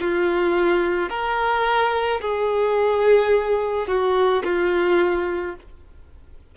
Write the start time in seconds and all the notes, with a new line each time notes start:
0.00 F4
1.09 A#4
2.21 G#4
3.87 F#4
4.43 F4